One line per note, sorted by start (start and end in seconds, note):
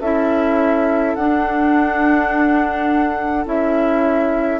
0.00 1.15 C#4
0.00 1.18 E4
0.00 4.60 A4
0.00 1.15 E5
1.15 3.46 D4
1.15 3.45 D4
1.15 3.46 F#5
3.45 4.60 C#4
3.45 4.60 E4
3.45 4.60 E5